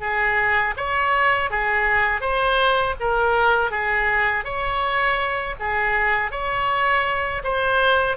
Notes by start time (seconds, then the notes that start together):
0.00 G#4
0.77 C#5
1.50 G#4
2.21 C5
3.00 A#4
3.71 G#4
4.44 C#5
5.60 G#4
6.31 C#5
7.43 C5